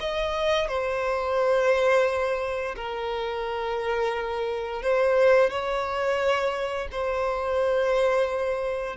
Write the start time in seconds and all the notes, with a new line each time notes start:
0.00 D#5
0.68 C5
2.76 A#4
4.82 C5
5.50 C#5
6.92 C5